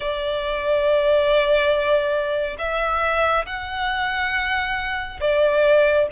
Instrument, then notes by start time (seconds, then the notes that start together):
violin
0.00 D5
2.58 E5
3.46 F#5
5.20 D5